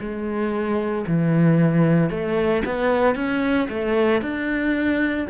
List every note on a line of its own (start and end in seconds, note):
0.00 1.05 G#3
1.07 2.10 E3
2.10 2.63 A3
2.65 3.15 B3
3.15 3.68 C#4
3.69 4.22 A3
4.22 5.27 D4